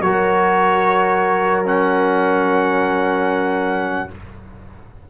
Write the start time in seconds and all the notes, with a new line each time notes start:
0.00 F#3 F#4 A#4 C#5
1.65 C#4 F#5